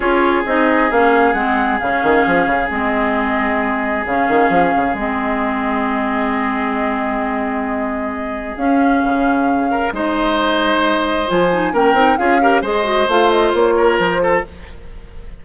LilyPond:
<<
  \new Staff \with { instrumentName = "flute" } { \time 4/4 \tempo 4 = 133 cis''4 dis''4 f''4 fis''4 | f''2 dis''2~ | dis''4 f''2 dis''4~ | dis''1~ |
dis''2. f''4~ | f''2 dis''2~ | dis''4 gis''4 g''4 f''4 | dis''4 f''8 dis''8 cis''4 c''4 | }
  \new Staff \with { instrumentName = "oboe" } { \time 4/4 gis'1~ | gis'1~ | gis'1~ | gis'1~ |
gis'1~ | gis'4. ais'8 c''2~ | c''2 ais'4 gis'8 ais'8 | c''2~ c''8 ais'4 a'8 | }
  \new Staff \with { instrumentName = "clarinet" } { \time 4/4 f'4 dis'4 cis'4 c'4 | cis'2 c'2~ | c'4 cis'2 c'4~ | c'1~ |
c'2. cis'4~ | cis'2 dis'2~ | dis'4 f'8 dis'8 cis'8 dis'8 f'8 g'8 | gis'8 fis'8 f'2. | }
  \new Staff \with { instrumentName = "bassoon" } { \time 4/4 cis'4 c'4 ais4 gis4 | cis8 dis8 f8 cis8 gis2~ | gis4 cis8 dis8 f8 cis8 gis4~ | gis1~ |
gis2. cis'4 | cis2 gis2~ | gis4 f4 ais8 c'8 cis'4 | gis4 a4 ais4 f4 | }
>>